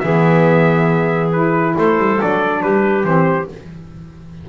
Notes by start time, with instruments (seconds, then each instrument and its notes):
0.00 double bass E3, saxophone B3, clarinet G#4, trumpet E5
1.32 saxophone E4, trumpet B4
1.75 double bass A3, clarinet A4, trumpet C5
1.98 double bass G3
2.17 saxophone D4, trumpet D5
2.23 double bass F#3
2.62 double bass G3, clarinet G4, trumpet B4
3.04 double bass E3, saxophone C4, trumpet C5